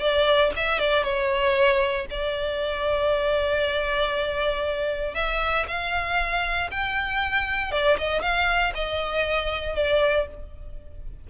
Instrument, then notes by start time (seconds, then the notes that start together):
violin
0.00 D5
0.56 E5
0.79 D5
1.03 C#5
2.10 D5
5.15 E5
5.68 F5
6.71 G5
7.72 D5
7.98 D#5
8.22 F5
8.75 D#5
9.76 D5